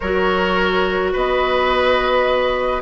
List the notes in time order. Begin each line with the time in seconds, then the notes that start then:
0.00 F#3 F#4 A#4 C#5
1.12 B3 B4 D#5